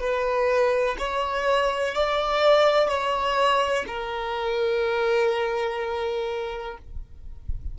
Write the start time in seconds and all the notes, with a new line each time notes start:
0.00 B4
0.99 C#5
1.95 D5
2.89 C#5
3.88 A#4